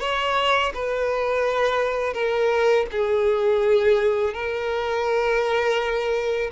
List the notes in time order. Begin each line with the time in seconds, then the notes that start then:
0.00 C#5
0.74 B4
2.14 A#4
2.91 G#4
4.33 A#4